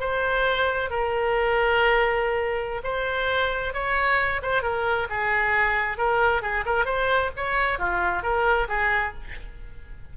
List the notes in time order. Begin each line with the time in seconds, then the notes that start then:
0.00 C5
0.90 A#4
2.84 C5
3.73 C#5
4.42 C5
4.62 A#4
5.10 G#4
5.98 A#4
6.42 G#4
6.65 A#4
6.85 C5
7.37 C#5
7.79 F4
8.23 A#4
8.68 G#4